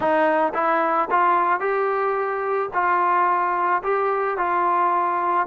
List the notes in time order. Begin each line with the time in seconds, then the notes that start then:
0.00 D#4
0.54 E4
1.10 F4
1.60 G4
2.73 F4
3.83 G4
4.37 F4